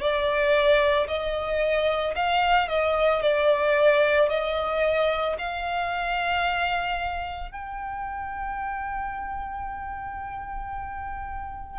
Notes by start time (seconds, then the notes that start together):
0.00 D5
1.08 D#5
2.15 F5
2.68 D#5
3.22 D5
4.29 D#5
5.38 F5
7.51 G5